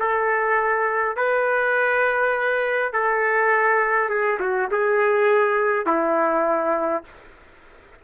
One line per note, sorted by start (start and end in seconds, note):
0.00 1.17 A4
1.17 2.93 B4
2.93 4.10 A4
4.10 4.39 G#4
4.40 4.69 F#4
4.72 5.87 G#4
5.87 7.04 E4